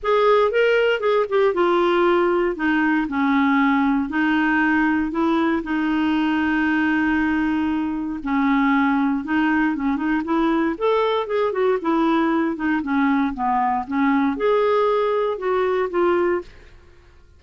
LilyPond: \new Staff \with { instrumentName = "clarinet" } { \time 4/4 \tempo 4 = 117 gis'4 ais'4 gis'8 g'8 f'4~ | f'4 dis'4 cis'2 | dis'2 e'4 dis'4~ | dis'1 |
cis'2 dis'4 cis'8 dis'8 | e'4 a'4 gis'8 fis'8 e'4~ | e'8 dis'8 cis'4 b4 cis'4 | gis'2 fis'4 f'4 | }